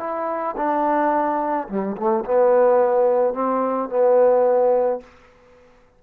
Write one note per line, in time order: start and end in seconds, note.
0.00 0.56 E4
0.57 1.68 D4
1.69 1.96 G3
1.97 2.25 A3
2.25 3.34 B3
3.34 3.90 C4
3.90 5.01 B3